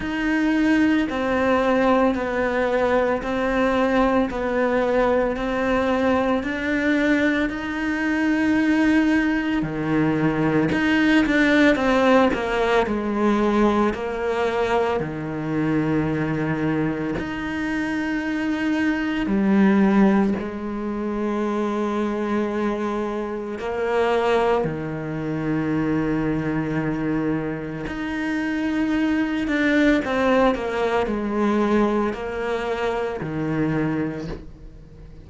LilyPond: \new Staff \with { instrumentName = "cello" } { \time 4/4 \tempo 4 = 56 dis'4 c'4 b4 c'4 | b4 c'4 d'4 dis'4~ | dis'4 dis4 dis'8 d'8 c'8 ais8 | gis4 ais4 dis2 |
dis'2 g4 gis4~ | gis2 ais4 dis4~ | dis2 dis'4. d'8 | c'8 ais8 gis4 ais4 dis4 | }